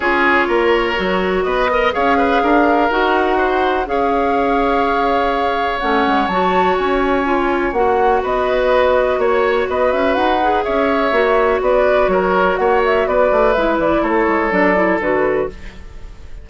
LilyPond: <<
  \new Staff \with { instrumentName = "flute" } { \time 4/4 \tempo 4 = 124 cis''2. dis''4 | f''2 fis''2 | f''1 | fis''4 a''4 gis''2 |
fis''4 dis''2 cis''4 | dis''8 e''8 fis''4 e''2 | d''4 cis''4 fis''8 e''8 d''4 | e''8 d''8 cis''4 d''4 b'4 | }
  \new Staff \with { instrumentName = "oboe" } { \time 4/4 gis'4 ais'2 b'8 dis''8 | cis''8 b'8 ais'2 c''4 | cis''1~ | cis''1~ |
cis''4 b'2 cis''4 | b'2 cis''2 | b'4 ais'4 cis''4 b'4~ | b'4 a'2. | }
  \new Staff \with { instrumentName = "clarinet" } { \time 4/4 f'2 fis'4. ais'8 | gis'2 fis'2 | gis'1 | cis'4 fis'2 f'4 |
fis'1~ | fis'4. gis'4. fis'4~ | fis'1 | e'2 d'8 e'8 fis'4 | }
  \new Staff \with { instrumentName = "bassoon" } { \time 4/4 cis'4 ais4 fis4 b4 | cis'4 d'4 dis'2 | cis'1 | a8 gis8 fis4 cis'2 |
ais4 b2 ais4 | b8 cis'8 dis'4 cis'4 ais4 | b4 fis4 ais4 b8 a8 | gis8 e8 a8 gis8 fis4 d4 | }
>>